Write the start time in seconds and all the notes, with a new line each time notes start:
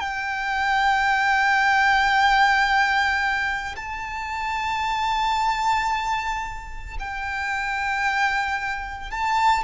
0.00 G5
3.75 A5
6.99 G5
9.11 A5